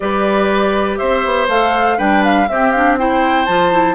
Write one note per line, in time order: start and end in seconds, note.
0.00 0.99 G3
0.00 1.49 G4
0.00 0.98 B4
0.00 0.97 D5
0.97 1.25 C4
0.97 1.97 C5
0.97 1.46 E5
1.25 1.48 B3
1.48 1.98 A3
1.48 1.97 A4
1.48 1.98 F5
1.97 2.48 G3
1.97 2.47 D4
1.97 2.47 B4
1.97 2.23 G5
2.24 2.48 F5
2.48 3.47 C4
2.48 2.73 C4
2.48 2.99 G4
2.48 2.71 E5
2.71 2.98 D4
2.71 2.96 F5
2.98 3.47 E4
2.98 3.94 C5
2.98 3.45 G5
3.45 3.94 F3
3.45 3.71 F4
3.45 3.94 A5
3.71 3.94 E4